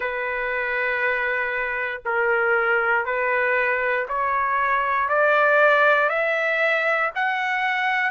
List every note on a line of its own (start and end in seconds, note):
0.00 2.01 B4
2.05 3.05 A#4
3.05 4.06 B4
4.08 5.08 C#5
5.08 6.09 D5
6.09 7.10 E5
7.15 8.10 F#5